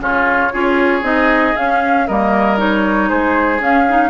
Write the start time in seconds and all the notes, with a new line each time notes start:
0.00 C#3 C#4 F4 C#5
0.53 C#4 F4 G#4
1.02 C4 D#4 D#5
1.57 C#4 F5
2.07 G3 A#3 A#4 D#5
2.57 D#4 C#5
3.10 G#3 G#4 C5
3.60 C#4 F5
3.89 D#4